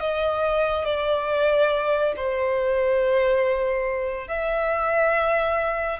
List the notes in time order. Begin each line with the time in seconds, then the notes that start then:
0.00 D#5
0.84 D5
2.16 C5
4.28 E5